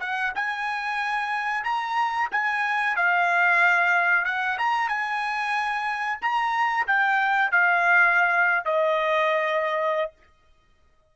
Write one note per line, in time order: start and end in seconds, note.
0.00 0.33 F#5
0.35 1.64 G#5
1.64 2.29 A#5
2.32 2.96 G#5
2.96 4.25 F5
4.25 4.58 F#5
4.58 4.89 A#5
4.89 6.19 G#5
6.21 6.87 A#5
6.87 7.51 G5
7.51 8.65 F5
8.65 10.12 D#5